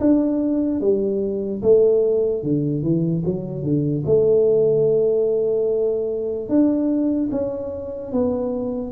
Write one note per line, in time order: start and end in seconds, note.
0.00 0.81 D4
0.81 1.62 G3
1.62 2.43 A3
2.43 2.82 D3
2.82 3.23 E3
3.25 3.63 F#3
3.63 4.04 D3
4.05 6.49 A3
6.49 7.30 D4
7.31 8.12 C#4
8.12 8.92 B3